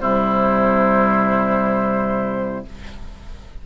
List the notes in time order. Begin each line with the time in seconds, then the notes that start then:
0.00 C3 G3 E4 C5